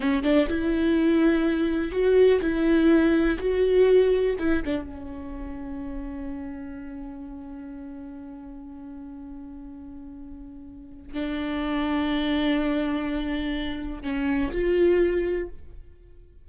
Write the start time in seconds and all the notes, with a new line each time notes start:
0.00 C#4
0.23 D4
0.48 E4
1.91 F#4
2.41 E4
3.39 F#4
4.38 E4
4.65 D4
4.84 C#4
11.13 D4
14.03 C#4
14.51 F4